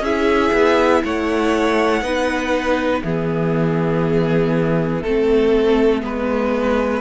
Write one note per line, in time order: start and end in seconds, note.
0.00 0.50 C#4
0.00 2.03 E4
0.00 1.03 G#4
0.00 1.04 E5
0.53 1.02 B3
1.04 2.02 A3
1.04 2.03 C#5
1.04 3.02 F#5
2.02 3.02 B3
2.02 3.03 D#4
2.02 3.03 B4
3.02 5.04 E3
3.02 5.05 B3
3.02 5.02 G#4
3.02 7.01 E5
5.02 6.02 A3
5.02 6.00 C4
5.02 6.02 A4
6.00 7.01 G#3
6.00 7.00 B3
6.00 7.01 B4